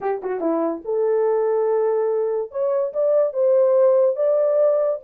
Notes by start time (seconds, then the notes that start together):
0.01 G4
0.22 F#4
0.40 E4
0.84 A4
2.51 C#5
2.93 D5
3.33 C5
4.16 D5